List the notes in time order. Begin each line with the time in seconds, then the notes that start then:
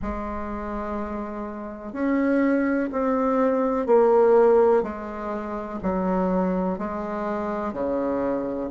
0.01 G#3
1.93 C#4
2.92 C4
3.86 A#3
4.82 G#3
5.82 F#3
6.78 G#3
7.73 C#3